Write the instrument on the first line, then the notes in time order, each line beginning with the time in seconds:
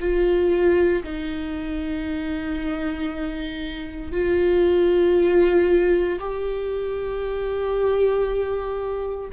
viola
0.00 F4
1.04 D#4
4.12 F4
6.20 G4